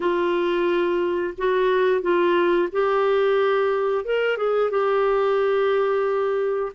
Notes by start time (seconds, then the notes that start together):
0.00 F4
1.37 F#4
2.01 F4
2.72 G4
4.04 A#4
4.37 G#4
4.70 G4